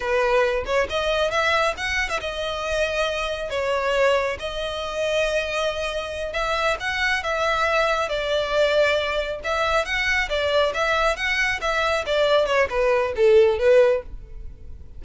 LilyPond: \new Staff \with { instrumentName = "violin" } { \time 4/4 \tempo 4 = 137 b'4. cis''8 dis''4 e''4 | fis''8. e''16 dis''2. | cis''2 dis''2~ | dis''2~ dis''8 e''4 fis''8~ |
fis''8 e''2 d''4.~ | d''4. e''4 fis''4 d''8~ | d''8 e''4 fis''4 e''4 d''8~ | d''8 cis''8 b'4 a'4 b'4 | }